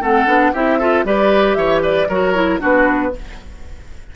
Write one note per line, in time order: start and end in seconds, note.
0.00 0.26 A3
0.00 0.27 C4
0.00 0.52 A4
0.00 0.54 F#5
0.26 0.52 B3
0.26 0.53 D4
0.53 1.04 C4
0.53 0.81 E4
0.53 0.78 G4
0.53 1.06 E5
0.79 1.05 F4
0.79 1.05 A4
1.04 1.56 G3
1.04 2.08 G4
1.04 1.57 B4
1.04 1.54 D5
1.54 2.07 E3
1.54 1.82 C#5
1.54 1.80 E5
1.82 2.08 B4
1.82 2.09 D5
2.09 2.60 F#3
2.09 2.34 F#4
2.09 2.60 A#4
2.09 2.61 C#5
2.34 2.59 E4
2.59 3.14 B3
2.59 3.11 D4
2.59 3.12 F#4
2.59 3.16 B4